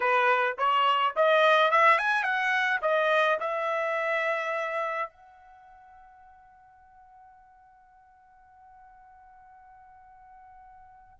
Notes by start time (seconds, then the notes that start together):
0.00 B4
0.58 C#5
1.16 D#5
1.71 E5
1.98 G#5
2.23 F#5
2.81 D#5
3.40 E5
5.09 F#5